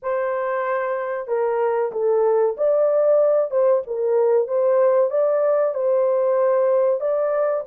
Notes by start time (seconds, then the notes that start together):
0.02 C5
1.27 A#4
1.91 A4
2.57 D5
3.50 C5
3.86 A#4
4.47 C5
5.10 D5
5.74 C5
7.00 D5